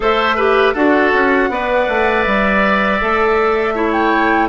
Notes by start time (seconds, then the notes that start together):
0.00 A3 A4 C5 E5
0.36 G4 B4
0.73 D4 F#4 A4 F#5
1.13 C#4
1.49 B3 B4 D5
1.88 A3
2.23 G3 E5
3.01 A3 A4
3.75 E4 C#5
3.92 G5